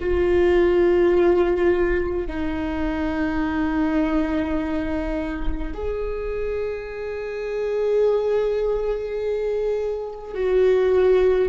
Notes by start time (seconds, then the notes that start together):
0.00 F4
2.27 D#4
5.74 G#4
10.34 F#4